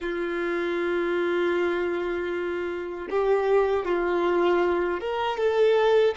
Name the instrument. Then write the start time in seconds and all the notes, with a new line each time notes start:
violin
0.00 F4
3.09 G4
3.85 F4
5.00 A#4
5.37 A4